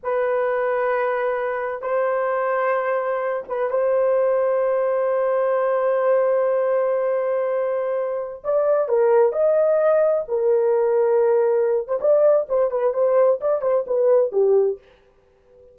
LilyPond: \new Staff \with { instrumentName = "horn" } { \time 4/4 \tempo 4 = 130 b'1 | c''2.~ c''8 b'8 | c''1~ | c''1~ |
c''2~ c''16 d''4 ais'8.~ | ais'16 dis''2 ais'4.~ ais'16~ | ais'4.~ ais'16 c''16 d''4 c''8 b'8 | c''4 d''8 c''8 b'4 g'4 | }